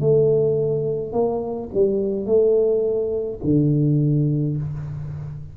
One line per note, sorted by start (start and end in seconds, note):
0.00 1.12 A3
1.12 1.69 A#3
1.73 2.26 G3
2.26 3.39 A3
3.43 4.57 D3